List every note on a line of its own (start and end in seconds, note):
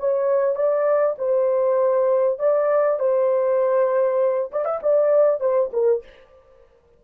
0.00 0.56 C#5
0.56 1.17 D5
1.19 2.39 C5
2.39 3.00 D5
3.00 4.52 C5
4.52 4.66 D5
4.66 4.80 E5
4.83 5.41 D5
5.41 5.71 C5
5.74 6.04 A#4